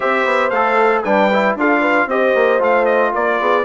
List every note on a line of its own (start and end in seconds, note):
0.00 0.25 C4
0.00 0.51 G4
0.00 1.04 C5
0.00 0.49 E5
0.25 0.50 B3
0.49 1.02 A3
0.49 1.04 A4
0.49 1.02 F5
1.03 1.55 G3
1.03 1.30 D4
1.03 1.56 B4
1.03 1.55 G5
1.32 1.58 E4
1.55 2.06 D4
1.55 2.10 F4
1.55 1.80 A4
1.55 2.09 F5
1.80 2.07 B4
2.06 2.32 C4
2.06 2.59 G4
2.06 3.12 C5
2.06 2.61 D#5
2.34 2.59 A#3
2.59 3.11 A3
2.59 3.63 F4
2.59 2.85 F5
2.85 3.11 D#5
3.13 3.40 A#3
3.13 3.39 A#4
3.13 3.64 D5
3.40 3.64 B3
3.40 3.64 G#4